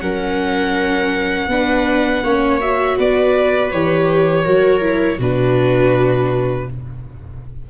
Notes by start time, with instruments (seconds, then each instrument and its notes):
0.00 tuba F#3, viola C#4 A#4, violin F#5
1.47 tuba B3, viola D4 B4
2.23 tuba A#3, viola C#4 C#5
2.60 viola F#4, violin E5
2.97 tuba B3, viola B4, violin D5
3.72 tuba E3, viola G4, violin C#5
4.44 tuba F#3, viola F#4 A#4
4.81 viola E4
5.19 tuba B2, viola D4 F#4, violin B4